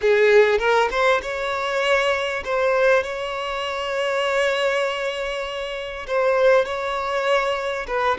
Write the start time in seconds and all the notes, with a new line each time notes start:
0.01 G#4
0.58 A#4
0.91 C5
1.21 C#5
2.45 C5
3.03 C#5
6.07 C5
6.65 C#5
7.87 B4